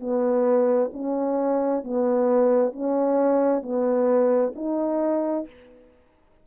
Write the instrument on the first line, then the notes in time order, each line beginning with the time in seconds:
horn
0.00 B3
0.93 C#4
1.84 B3
2.73 C#4
3.62 B3
4.56 D#4